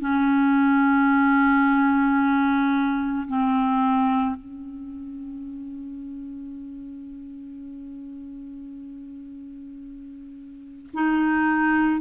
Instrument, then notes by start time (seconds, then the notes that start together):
clarinet
0.00 C#4
3.28 C4
4.36 C#4
10.93 D#4